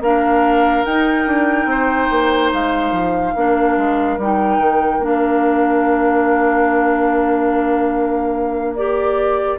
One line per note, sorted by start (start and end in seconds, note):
0.00 0.83 A#3
0.00 0.87 D4
0.00 1.69 A#4
0.00 0.84 F5
0.84 1.27 D#4
0.84 3.35 D#4
0.84 2.51 G5
1.27 1.65 D4
1.65 2.07 C4
1.65 3.34 C5
2.10 2.52 A#3
2.53 2.91 G#3
2.53 4.20 F5
2.91 3.33 F3
3.34 3.77 A#3
3.34 4.19 D4
3.34 9.58 A#4
3.77 4.17 G#3
4.17 4.58 G3
4.17 5.01 D#4
4.17 5.03 G5
4.58 4.98 D#3
4.98 9.56 A#3
4.98 8.76 D4
4.98 8.74 F5
8.74 9.58 G4
8.74 9.58 D5